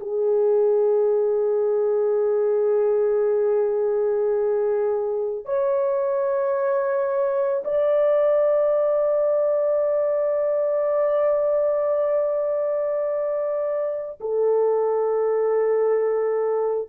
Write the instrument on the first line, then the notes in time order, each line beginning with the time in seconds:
horn
0.00 G#4
5.45 C#5
7.65 D5
14.21 A4